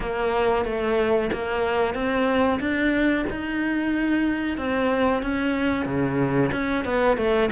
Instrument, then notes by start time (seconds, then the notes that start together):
cello
0.00 A#3
0.65 A3
1.32 A#3
1.94 C4
2.60 D4
3.30 D#4
4.57 C4
5.22 C#4
5.85 C#3
6.52 C#4
6.84 B3
7.17 A3